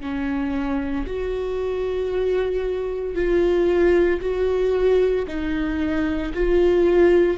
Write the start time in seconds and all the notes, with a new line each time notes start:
0.00 C#4
1.06 F#4
3.14 F4
4.20 F#4
5.27 D#4
6.33 F4